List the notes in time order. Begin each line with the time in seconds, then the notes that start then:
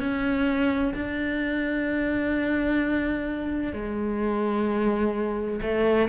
0.00 C#4
0.94 D4
3.73 G#3
5.62 A3